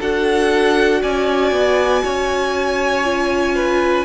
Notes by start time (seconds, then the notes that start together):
0.00 D4 F#4 A4 F#5
1.02 C#4 D5 G#5
1.52 B3
2.04 C#4 C#5
3.04 F4
3.56 B4